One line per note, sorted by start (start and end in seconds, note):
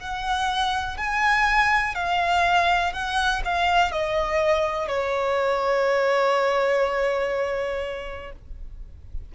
0.00 0.97 F#5
0.97 1.94 G#5
1.94 2.93 F5
2.93 3.42 F#5
3.45 3.91 F5
3.91 4.88 D#5
4.88 8.32 C#5